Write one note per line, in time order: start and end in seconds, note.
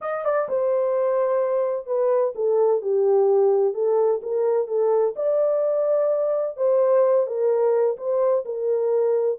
0.01 0.24 D#5
0.25 0.48 D5
0.48 1.86 C5
1.86 2.33 B4
2.35 2.81 A4
2.81 3.74 G4
3.74 4.20 A4
4.22 4.67 A#4
4.67 5.14 A4
5.16 6.56 D5
6.56 7.26 C5
7.26 7.97 A#4
7.97 8.44 C5
8.45 9.38 A#4